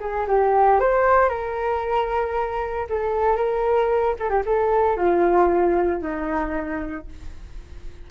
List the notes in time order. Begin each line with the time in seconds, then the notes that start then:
0.00 G#4
0.28 G4
0.80 C5
1.29 A#4
2.90 A4
3.37 A#4
4.20 A4
4.30 G4
4.46 A4
4.97 F4
6.02 D#4